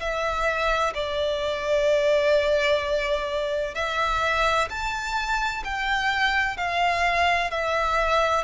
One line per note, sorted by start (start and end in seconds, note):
0.00 0.94 E5
0.95 3.75 D5
3.75 4.69 E5
4.70 5.64 A5
5.65 6.58 G5
6.58 7.51 F5
7.51 8.45 E5